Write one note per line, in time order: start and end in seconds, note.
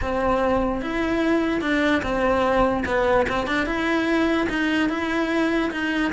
0.01 0.81 C4
0.81 1.61 E4
1.61 2.02 D4
2.02 2.83 C4
2.85 3.26 B3
3.28 3.47 C4
3.47 3.65 D4
3.65 4.47 E4
4.49 4.89 D#4
4.89 5.70 E4
5.71 6.12 D#4